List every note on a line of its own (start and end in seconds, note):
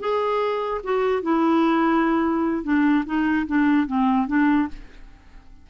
0.00 0.82 G#4
0.84 1.23 F#4
1.23 2.64 E4
2.64 3.05 D4
3.06 3.47 D#4
3.47 3.87 D4
3.87 4.28 C4
4.28 4.69 D4